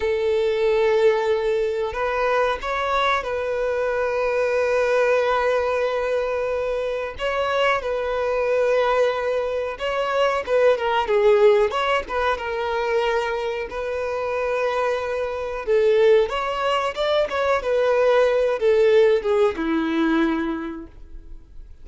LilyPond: \new Staff \with { instrumentName = "violin" } { \time 4/4 \tempo 4 = 92 a'2. b'4 | cis''4 b'2.~ | b'2. cis''4 | b'2. cis''4 |
b'8 ais'8 gis'4 cis''8 b'8 ais'4~ | ais'4 b'2. | a'4 cis''4 d''8 cis''8 b'4~ | b'8 a'4 gis'8 e'2 | }